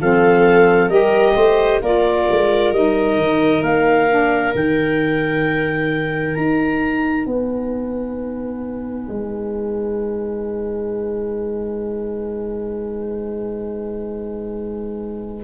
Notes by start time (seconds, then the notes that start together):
0.00 F3 C4 A4 F5
0.89 G3 G4 A#4 D#5
1.35 A3 C5
1.82 A#3 F4 A#4 D5
2.30 G#3
2.71 G3 D#4 D#5
3.17 D#3
3.61 A#3 F5
4.10 D4
4.53 D#3 D#4 G5
6.34 D#4 A#5
7.25 B3 B4 G#5
9.09 G#3